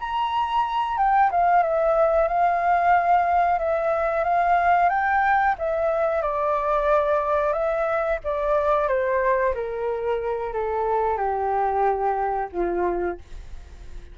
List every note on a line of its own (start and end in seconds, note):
0.00 0.97 A#5
0.97 1.30 G5
1.31 1.63 F5
1.63 2.28 E5
2.28 3.59 F5
3.59 4.24 E5
4.24 4.89 F5
4.89 5.55 G5
5.58 6.22 E5
6.22 7.53 D5
7.53 8.18 E5
8.24 8.88 D5
8.88 9.54 C5
9.55 10.53 A#4
10.53 11.17 A4
11.17 12.49 G4
12.52 13.18 F4